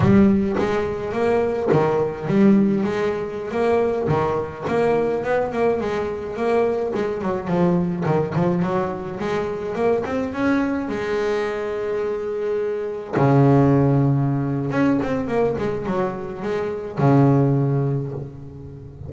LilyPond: \new Staff \with { instrumentName = "double bass" } { \time 4/4 \tempo 4 = 106 g4 gis4 ais4 dis4 | g4 gis4~ gis16 ais4 dis8.~ | dis16 ais4 b8 ais8 gis4 ais8.~ | ais16 gis8 fis8 f4 dis8 f8 fis8.~ |
fis16 gis4 ais8 c'8 cis'4 gis8.~ | gis2.~ gis16 cis8.~ | cis2 cis'8 c'8 ais8 gis8 | fis4 gis4 cis2 | }